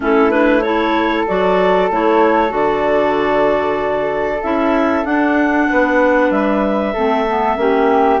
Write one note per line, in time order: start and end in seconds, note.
0.00 1.26 A3
0.00 0.30 C#4
0.00 0.64 E4
0.00 0.31 A4
0.30 0.62 D4
0.30 0.61 B4
0.61 1.27 E4
0.61 5.69 A4
0.61 1.24 C#5
1.27 1.90 F#3
1.27 1.90 F#4
1.27 1.90 D5
1.90 2.51 A3
1.90 2.49 E4
1.90 2.53 C#5
2.49 4.40 D3
2.49 4.38 F#4
2.49 4.42 D5
4.42 5.04 C#4
4.42 5.04 E4
4.42 5.05 E5
5.04 5.67 D4
5.04 6.94 D4
5.04 6.31 F#5
5.70 6.30 B3
5.70 6.93 B4
6.30 6.93 G3
6.30 8.20 E5
6.93 7.56 A3
6.93 7.27 C4
6.93 7.56 A4
7.27 7.57 B3
7.56 8.19 A#3
7.56 8.20 C#4
7.56 8.20 G4